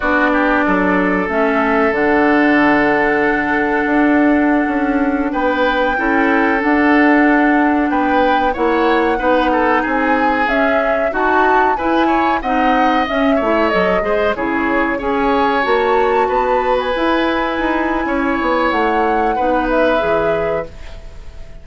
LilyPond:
<<
  \new Staff \with { instrumentName = "flute" } { \time 4/4 \tempo 4 = 93 d''2 e''4 fis''4~ | fis''1~ | fis''16 g''2 fis''4.~ fis''16~ | fis''16 g''4 fis''2 gis''8.~ |
gis''16 e''4 a''4 gis''4 fis''8.~ | fis''16 e''4 dis''4 cis''4 gis''8.~ | gis''16 a''4.~ a''16 gis''2~ | gis''4 fis''4. e''4. | }
  \new Staff \with { instrumentName = "oboe" } { \time 4/4 fis'8 g'8 a'2.~ | a'1~ | a'16 b'4 a'2~ a'8.~ | a'16 b'4 cis''4 b'8 a'8 gis'8.~ |
gis'4~ gis'16 fis'4 b'8 cis''8 dis''8.~ | dis''8. cis''4 c''8 gis'4 cis''8.~ | cis''4~ cis''16 b'2~ b'8. | cis''2 b'2 | }
  \new Staff \with { instrumentName = "clarinet" } { \time 4/4 d'2 cis'4 d'4~ | d'1~ | d'4~ d'16 e'4 d'4.~ d'16~ | d'4~ d'16 e'4 dis'4.~ dis'16~ |
dis'16 cis'4 fis'4 e'4 dis'8.~ | dis'16 cis'8 e'8 a'8 gis'8 e'4 gis'8.~ | gis'16 fis'2 e'4.~ e'16~ | e'2 dis'4 gis'4 | }
  \new Staff \with { instrumentName = "bassoon" } { \time 4/4 b4 fis4 a4 d4~ | d2 d'4~ d'16 cis'8.~ | cis'16 b4 cis'4 d'4.~ d'16~ | d'16 b4 ais4 b4 c'8.~ |
c'16 cis'4 dis'4 e'4 c'8.~ | c'16 cis'8 a8 fis8 gis8 cis4 cis'8.~ | cis'16 ais4 b4 e'4 dis'8. | cis'8 b8 a4 b4 e4 | }
>>